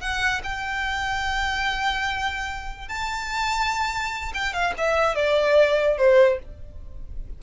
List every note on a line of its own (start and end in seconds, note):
0.00 0.41 F#5
0.43 2.88 G5
2.88 4.32 A5
4.34 4.53 G5
4.53 4.73 F5
4.77 5.15 E5
5.15 5.97 D5
5.97 6.38 C5